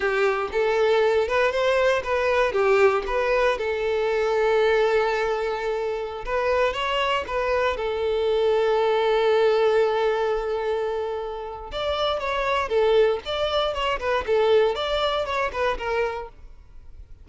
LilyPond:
\new Staff \with { instrumentName = "violin" } { \time 4/4 \tempo 4 = 118 g'4 a'4. b'8 c''4 | b'4 g'4 b'4 a'4~ | a'1~ | a'16 b'4 cis''4 b'4 a'8.~ |
a'1~ | a'2. d''4 | cis''4 a'4 d''4 cis''8 b'8 | a'4 d''4 cis''8 b'8 ais'4 | }